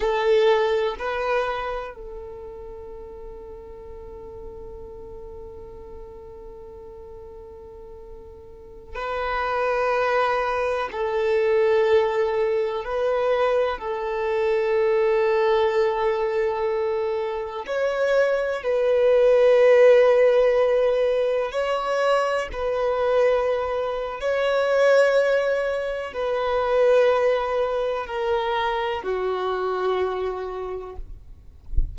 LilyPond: \new Staff \with { instrumentName = "violin" } { \time 4/4 \tempo 4 = 62 a'4 b'4 a'2~ | a'1~ | a'4~ a'16 b'2 a'8.~ | a'4~ a'16 b'4 a'4.~ a'16~ |
a'2~ a'16 cis''4 b'8.~ | b'2~ b'16 cis''4 b'8.~ | b'4 cis''2 b'4~ | b'4 ais'4 fis'2 | }